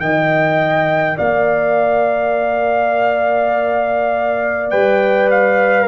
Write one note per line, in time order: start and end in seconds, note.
0.00 1.18 D#3
0.00 4.71 A#4
0.00 1.17 D#5
0.00 1.18 G5
1.17 4.72 A#3
1.17 5.88 D5
1.17 4.71 F5
4.71 5.88 G3
4.71 5.88 B4
4.71 5.29 G5
5.31 5.88 F5